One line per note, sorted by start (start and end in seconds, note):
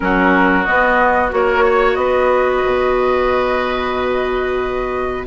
0.00 0.66 F#3
0.00 0.64 C#4
0.00 1.34 F#4
0.00 0.64 A#4
0.64 1.29 B3
0.64 1.32 B3
0.64 1.30 D#5
1.29 1.96 A#3
1.29 5.25 F#4
1.29 1.94 C#5
1.35 1.64 A#4
1.64 1.97 C#5
1.94 2.62 B3
1.94 5.26 B4
1.94 5.24 D#5
2.65 5.26 B2